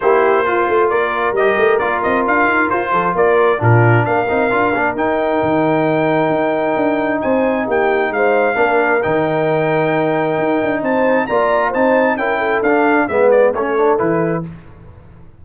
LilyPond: <<
  \new Staff \with { instrumentName = "trumpet" } { \time 4/4 \tempo 4 = 133 c''2 d''4 dis''4 | d''8 dis''8 f''4 c''4 d''4 | ais'4 f''2 g''4~ | g''1 |
gis''4 g''4 f''2 | g''1 | a''4 ais''4 a''4 g''4 | f''4 e''8 d''8 cis''4 b'4 | }
  \new Staff \with { instrumentName = "horn" } { \time 4/4 g'4 f'4 ais'2~ | ais'2~ ais'8 a'8 ais'4 | f'4 ais'2.~ | ais'1 |
c''4 g'4 c''4 ais'4~ | ais'1 | c''4 d''4 c''4 ais'8 a'8~ | a'4 b'4 a'2 | }
  \new Staff \with { instrumentName = "trombone" } { \time 4/4 e'4 f'2 g'4 | f'1 | d'4. dis'8 f'8 d'8 dis'4~ | dis'1~ |
dis'2. d'4 | dis'1~ | dis'4 f'4 dis'4 e'4 | d'4 b4 cis'8 d'8 e'4 | }
  \new Staff \with { instrumentName = "tuba" } { \time 4/4 ais4. a8 ais4 g8 a8 | ais8 c'8 d'8 dis'8 f'8 f8 ais4 | ais,4 ais8 c'8 d'8 ais8 dis'4 | dis2 dis'4 d'4 |
c'4 ais4 gis4 ais4 | dis2. dis'8 d'8 | c'4 ais4 c'4 cis'4 | d'4 gis4 a4 e4 | }
>>